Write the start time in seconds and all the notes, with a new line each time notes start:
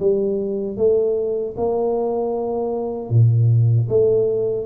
0.00 G3
0.77 A3
1.57 A#3
3.10 A#2
3.89 A3